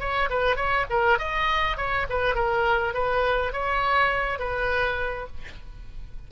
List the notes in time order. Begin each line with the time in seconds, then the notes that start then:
0.00 C#5
0.30 B4
0.57 C#5
0.90 A#4
1.19 D#5
1.77 C#5
2.10 B4
2.36 A#4
2.94 B4
3.53 C#5
4.39 B4